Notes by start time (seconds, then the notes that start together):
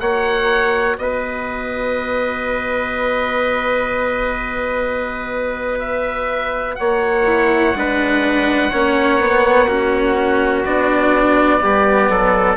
0.00 A#3 F#4 C#5 F#5
0.97 B3 B4 D#5
5.79 E5
6.75 A#3 C#5 F#5
7.26 E4
7.75 G#3 D4 B4
8.70 A#3 C#4 C#5
9.20 B3
9.68 C#4 F#4
10.65 B3 D4 D5
11.60 G3 B3 G4
12.10 F#3 A4